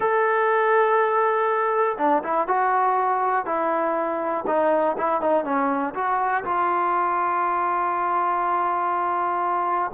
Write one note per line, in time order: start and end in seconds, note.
0.00 1.97 A4
1.98 2.22 D4
2.23 2.47 E4
2.47 3.45 F#4
3.45 4.44 E4
4.46 4.96 D#4
4.97 5.21 E4
5.21 5.44 D#4
5.44 5.94 C#4
5.94 6.43 F#4
6.44 9.91 F4